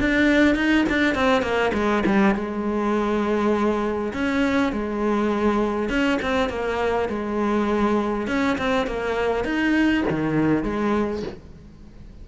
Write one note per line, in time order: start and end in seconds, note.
0.00 0.55 D4
0.55 0.85 D#4
0.90 1.15 D4
1.15 1.42 C4
1.42 1.72 A#3
1.74 2.04 G#3
2.06 2.35 G3
2.35 4.13 G#3
4.14 4.73 C#4
4.73 5.89 G#3
5.89 6.19 C#4
6.22 6.50 C4
6.50 7.09 A#3
7.09 8.28 G#3
8.28 8.57 C#4
8.58 8.87 C4
8.87 9.45 A#3
9.45 10.04 D#4
10.10 10.64 D#3
10.64 11.23 G#3